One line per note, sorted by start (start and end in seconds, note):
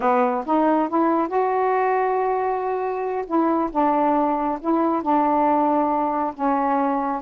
0.00 0.44 B3
0.46 0.89 D#4
0.89 1.28 E4
1.28 3.25 F#4
3.26 3.70 E4
3.71 4.59 D4
4.60 5.02 E4
5.02 6.33 D4
6.34 7.22 C#4